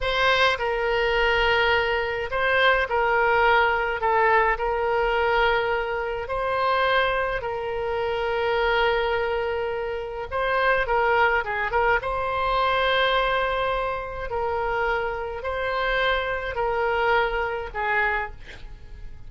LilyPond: \new Staff \with { instrumentName = "oboe" } { \time 4/4 \tempo 4 = 105 c''4 ais'2. | c''4 ais'2 a'4 | ais'2. c''4~ | c''4 ais'2.~ |
ais'2 c''4 ais'4 | gis'8 ais'8 c''2.~ | c''4 ais'2 c''4~ | c''4 ais'2 gis'4 | }